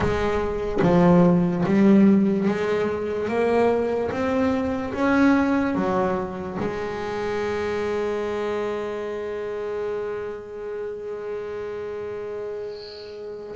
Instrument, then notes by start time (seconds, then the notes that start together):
double bass
0.00 G#3
0.82 F3
1.65 G3
2.48 G#3
3.28 A#3
4.11 C4
4.93 C#4
5.75 F#3
6.60 G#3